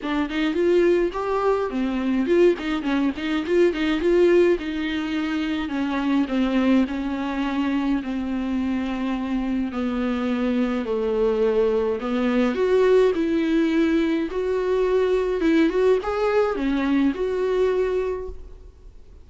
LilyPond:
\new Staff \with { instrumentName = "viola" } { \time 4/4 \tempo 4 = 105 d'8 dis'8 f'4 g'4 c'4 | f'8 dis'8 cis'8 dis'8 f'8 dis'8 f'4 | dis'2 cis'4 c'4 | cis'2 c'2~ |
c'4 b2 a4~ | a4 b4 fis'4 e'4~ | e'4 fis'2 e'8 fis'8 | gis'4 cis'4 fis'2 | }